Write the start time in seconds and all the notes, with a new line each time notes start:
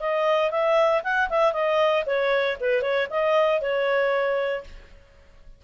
0.00 D#5
0.51 E5
1.03 F#5
1.29 E5
1.53 D#5
2.06 C#5
2.60 B4
2.82 C#5
3.10 D#5
3.61 C#5